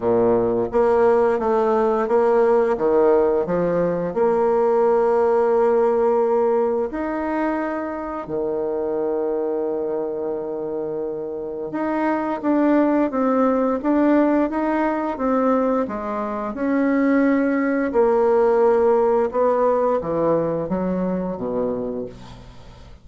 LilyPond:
\new Staff \with { instrumentName = "bassoon" } { \time 4/4 \tempo 4 = 87 ais,4 ais4 a4 ais4 | dis4 f4 ais2~ | ais2 dis'2 | dis1~ |
dis4 dis'4 d'4 c'4 | d'4 dis'4 c'4 gis4 | cis'2 ais2 | b4 e4 fis4 b,4 | }